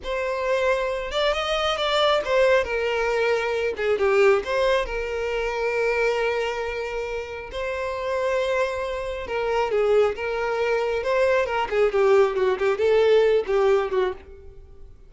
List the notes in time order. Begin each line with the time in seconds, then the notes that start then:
0.03 C5
1.11 D5
1.33 D#5
1.77 D5
2.24 C5
2.64 A#4
3.76 G#4
3.98 G4
4.44 C5
4.85 A#4
7.51 C5
9.27 A#4
9.71 G#4
10.15 A#4
11.03 C5
11.45 A#4
11.70 G#4
11.92 G4
12.35 F#4
12.58 G4
12.78 A4
13.47 G4
13.91 F#4